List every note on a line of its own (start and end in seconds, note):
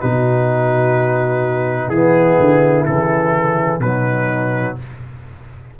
0.00 1.88 B2
0.00 1.92 D#4
0.00 1.90 F#4
0.00 1.89 B4
1.88 2.36 E3
1.88 2.86 B3
1.88 3.81 E4
1.88 2.84 G#4
2.39 2.86 D3
2.85 3.79 C#3
2.85 3.81 E3
2.85 3.80 A4
3.79 4.75 B2
3.79 4.79 F#3
3.79 4.77 D#4
3.79 4.76 B4